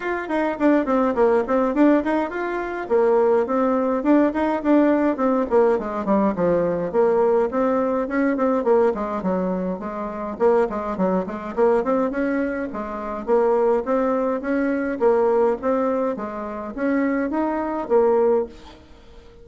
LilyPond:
\new Staff \with { instrumentName = "bassoon" } { \time 4/4 \tempo 4 = 104 f'8 dis'8 d'8 c'8 ais8 c'8 d'8 dis'8 | f'4 ais4 c'4 d'8 dis'8 | d'4 c'8 ais8 gis8 g8 f4 | ais4 c'4 cis'8 c'8 ais8 gis8 |
fis4 gis4 ais8 gis8 fis8 gis8 | ais8 c'8 cis'4 gis4 ais4 | c'4 cis'4 ais4 c'4 | gis4 cis'4 dis'4 ais4 | }